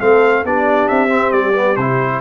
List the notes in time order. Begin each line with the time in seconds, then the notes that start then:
0.00 A3 C4 A4 F5
0.44 B3 D4 G4 D5
0.88 C4 E5
1.09 C4
1.32 G3 D5
1.54 B3
1.76 C3 E4 C5